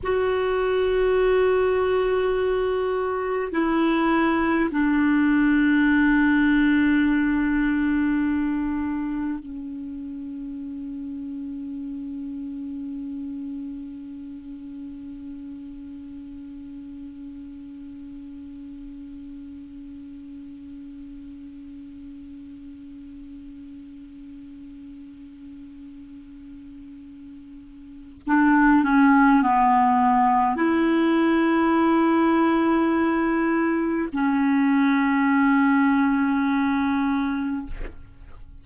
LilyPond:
\new Staff \with { instrumentName = "clarinet" } { \time 4/4 \tempo 4 = 51 fis'2. e'4 | d'1 | cis'1~ | cis'1~ |
cis'1~ | cis'1 | d'8 cis'8 b4 e'2~ | e'4 cis'2. | }